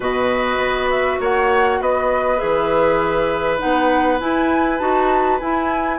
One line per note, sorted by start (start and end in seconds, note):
0.00 0.57 B2
0.00 2.37 F#4
0.00 1.19 B4
0.00 0.90 D#5
0.57 1.17 B3
0.90 1.20 E5
1.20 1.80 A#3
1.20 1.80 C#5
1.20 1.82 F#5
1.80 2.40 B3
1.80 5.99 B4
1.80 2.38 D#5
2.37 3.61 E3
2.37 3.57 G#4
2.37 3.58 E5
3.58 4.20 B3
3.58 4.18 D#4
3.58 4.19 F#5
4.20 4.79 E4
4.20 4.80 E4
4.20 4.78 G#5
4.78 5.40 D#4
4.78 5.39 F#4
4.78 5.38 A5
5.39 5.99 E4
5.39 5.99 G#5